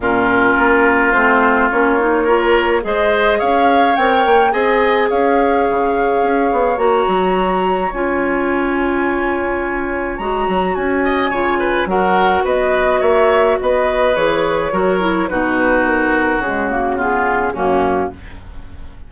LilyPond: <<
  \new Staff \with { instrumentName = "flute" } { \time 4/4 \tempo 4 = 106 ais'2 c''4 cis''4~ | cis''4 dis''4 f''4 g''4 | gis''4 f''2. | ais''2 gis''2~ |
gis''2 ais''4 gis''4~ | gis''4 fis''4 dis''4 e''4 | dis''4 cis''2 b'4 | ais'4 gis'8 fis'8 gis'4 fis'4 | }
  \new Staff \with { instrumentName = "oboe" } { \time 4/4 f'1 | ais'4 c''4 cis''2 | dis''4 cis''2.~ | cis''1~ |
cis''2.~ cis''8 dis''8 | cis''8 b'8 ais'4 b'4 cis''4 | b'2 ais'4 fis'4~ | fis'2 f'4 cis'4 | }
  \new Staff \with { instrumentName = "clarinet" } { \time 4/4 cis'2 c'4 cis'8 dis'8 | f'4 gis'2 ais'4 | gis'1 | fis'2 f'2~ |
f'2 fis'2 | f'4 fis'2.~ | fis'4 gis'4 fis'8 e'8 dis'4~ | dis'4 gis8 ais8 b4 ais4 | }
  \new Staff \with { instrumentName = "bassoon" } { \time 4/4 ais,4 ais4 a4 ais4~ | ais4 gis4 cis'4 c'8 ais8 | c'4 cis'4 cis4 cis'8 b8 | ais8 fis4. cis'2~ |
cis'2 gis8 fis8 cis'4 | cis4 fis4 b4 ais4 | b4 e4 fis4 b,4~ | b,4 cis2 fis,4 | }
>>